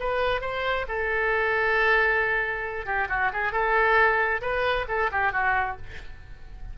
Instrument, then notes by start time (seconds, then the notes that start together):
oboe
0.00 B4
0.41 C5
0.88 A4
2.86 G4
3.09 F#4
3.33 G#4
3.52 A4
4.41 B4
4.88 A4
5.12 G4
5.32 F#4